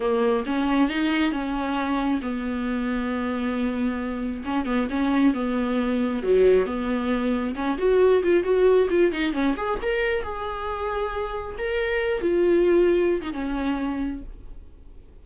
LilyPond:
\new Staff \with { instrumentName = "viola" } { \time 4/4 \tempo 4 = 135 ais4 cis'4 dis'4 cis'4~ | cis'4 b2.~ | b2 cis'8 b8 cis'4 | b2 fis4 b4~ |
b4 cis'8 fis'4 f'8 fis'4 | f'8 dis'8 cis'8 gis'8 ais'4 gis'4~ | gis'2 ais'4. f'8~ | f'4.~ f'16 dis'16 cis'2 | }